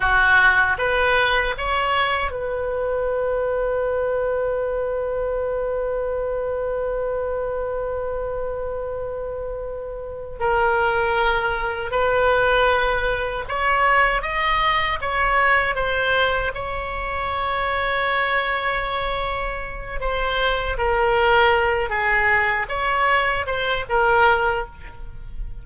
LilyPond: \new Staff \with { instrumentName = "oboe" } { \time 4/4 \tempo 4 = 78 fis'4 b'4 cis''4 b'4~ | b'1~ | b'1~ | b'4. ais'2 b'8~ |
b'4. cis''4 dis''4 cis''8~ | cis''8 c''4 cis''2~ cis''8~ | cis''2 c''4 ais'4~ | ais'8 gis'4 cis''4 c''8 ais'4 | }